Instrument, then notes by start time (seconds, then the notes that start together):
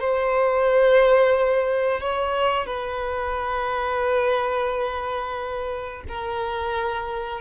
violin
0.00 C5
2.00 C#5
2.66 B4
6.09 A#4